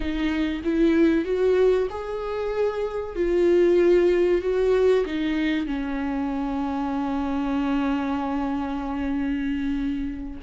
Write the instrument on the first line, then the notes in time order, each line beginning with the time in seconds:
viola
0.00 D#4
0.63 E4
1.24 F#4
1.89 G#4
3.16 F4
4.41 F#4
5.05 D#4
5.66 C#4